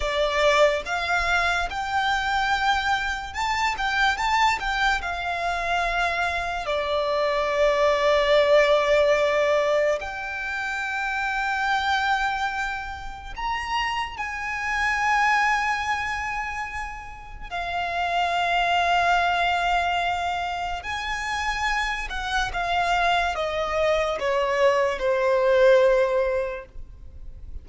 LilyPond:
\new Staff \with { instrumentName = "violin" } { \time 4/4 \tempo 4 = 72 d''4 f''4 g''2 | a''8 g''8 a''8 g''8 f''2 | d''1 | g''1 |
ais''4 gis''2.~ | gis''4 f''2.~ | f''4 gis''4. fis''8 f''4 | dis''4 cis''4 c''2 | }